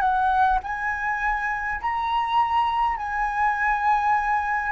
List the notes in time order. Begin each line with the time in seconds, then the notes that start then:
0.00 F#5
0.63 G#5
1.81 A#5
2.97 G#5